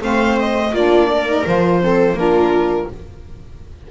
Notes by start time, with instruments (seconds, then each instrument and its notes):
0.00 double bass A3, saxophone C4, viola C5, violin F5
0.39 violin D#5
0.73 double bass A#3, saxophone D4, viola F4, violin D5
1.11 viola A#4
1.27 saxophone D#4
1.46 double bass F3, saxophone F4, violin C5
1.82 saxophone C4, viola A4
2.13 double bass A#3, saxophone D4, viola F4, violin A#4